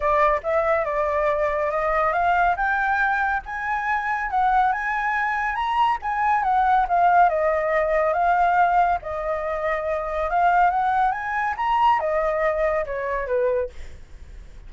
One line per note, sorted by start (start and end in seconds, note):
0.00 0.40 D5
0.43 0.85 E5
0.85 1.70 D5
1.70 2.12 D#5
2.12 2.55 F5
2.56 3.42 G5
3.45 4.30 G#5
4.30 4.72 F#5
4.72 5.55 G#5
5.55 5.98 A#5
6.02 6.43 G#5
6.43 6.86 F#5
6.88 7.29 F5
7.29 8.13 D#5
8.13 8.98 F5
9.02 10.30 D#5
10.30 10.70 F5
10.70 11.11 F#5
11.11 11.54 G#5
11.57 11.99 A#5
11.99 12.85 D#5
12.85 13.26 C#5
13.26 13.69 B4